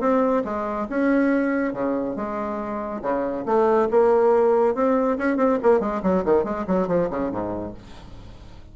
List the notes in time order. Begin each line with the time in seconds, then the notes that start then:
0.00 C4
0.44 G#3
0.89 C#4
1.73 C#3
2.16 G#3
3.02 C#3
3.45 A3
3.90 A#3
4.75 C4
5.18 C#4
5.37 C4
5.63 A#3
5.80 G#3
6.03 F#3
6.25 D#3
6.44 G#3
6.67 F#3
6.87 F3
7.10 C#3
7.31 G#2